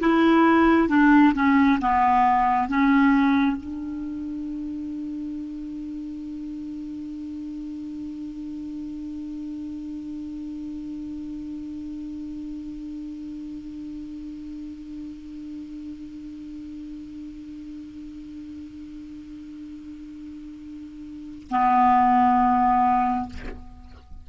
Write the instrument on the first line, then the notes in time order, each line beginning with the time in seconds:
clarinet
0.00 E4
0.88 D4
1.34 C#4
1.81 B3
2.68 C#4
3.57 D4
21.50 B3